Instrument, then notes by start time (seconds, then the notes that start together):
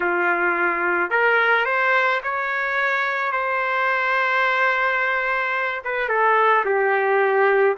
trumpet
0.00 F4
1.10 A#4
1.65 C5
2.23 C#5
3.32 C5
5.84 B4
6.09 A4
6.65 G4